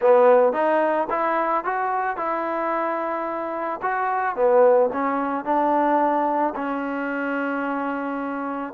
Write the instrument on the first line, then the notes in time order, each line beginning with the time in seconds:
trombone
0.01 B3
0.53 D#4
1.10 E4
1.64 F#4
2.16 E4
3.82 F#4
4.35 B3
4.92 C#4
5.44 D4
6.55 C#4